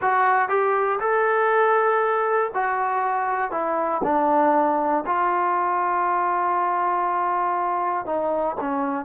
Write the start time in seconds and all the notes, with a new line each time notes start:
0.01 F#4
0.49 G4
0.99 A4
2.54 F#4
3.51 E4
4.03 D4
5.06 F4
8.05 D#4
8.60 C#4